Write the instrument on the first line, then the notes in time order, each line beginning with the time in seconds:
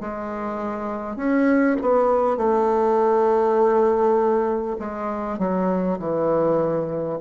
bassoon
0.00 G#3
1.16 C#4
1.82 B3
2.37 A3
4.79 G#3
5.38 F#3
5.99 E3